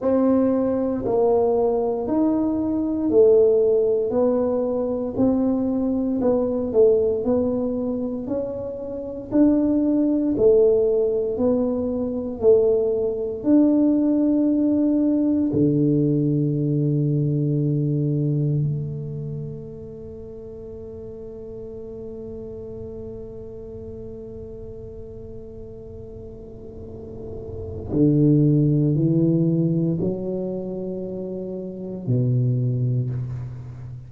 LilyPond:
\new Staff \with { instrumentName = "tuba" } { \time 4/4 \tempo 4 = 58 c'4 ais4 dis'4 a4 | b4 c'4 b8 a8 b4 | cis'4 d'4 a4 b4 | a4 d'2 d4~ |
d2 a2~ | a1~ | a2. d4 | e4 fis2 b,4 | }